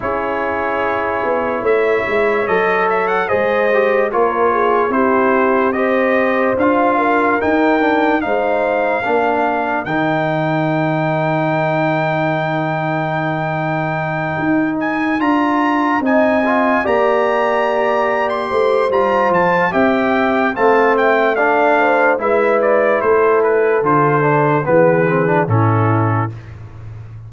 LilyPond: <<
  \new Staff \with { instrumentName = "trumpet" } { \time 4/4 \tempo 4 = 73 cis''2 e''4 dis''8 e''16 fis''16 | dis''4 cis''4 c''4 dis''4 | f''4 g''4 f''2 | g''1~ |
g''2 gis''8 ais''4 gis''8~ | gis''8 ais''4.~ ais''16 c'''8. ais''8 a''8 | g''4 a''8 g''8 f''4 e''8 d''8 | c''8 b'8 c''4 b'4 a'4 | }
  \new Staff \with { instrumentName = "horn" } { \time 4/4 gis'2 cis''2 | c''4 ais'8 gis'8 g'4 c''4~ | c''8 ais'4. c''4 ais'4~ | ais'1~ |
ais'2.~ ais'8 dis''8~ | dis''8 d''2 c''4. | e''4 f''8 e''8 d''8 c''8 b'4 | a'2 gis'4 e'4 | }
  \new Staff \with { instrumentName = "trombone" } { \time 4/4 e'2. a'4 | gis'8 g'8 f'4 e'4 g'4 | f'4 dis'8 d'8 dis'4 d'4 | dis'1~ |
dis'2~ dis'8 f'4 dis'8 | f'8 g'2~ g'8 f'4 | g'4 c'4 d'4 e'4~ | e'4 f'8 d'8 b8 c'16 d'16 cis'4 | }
  \new Staff \with { instrumentName = "tuba" } { \time 4/4 cis'4. b8 a8 gis8 fis4 | gis4 ais4 c'2 | d'4 dis'4 gis4 ais4 | dis1~ |
dis4. dis'4 d'4 c'8~ | c'8 ais2 a8 g8 f8 | c'4 a2 gis4 | a4 d4 e4 a,4 | }
>>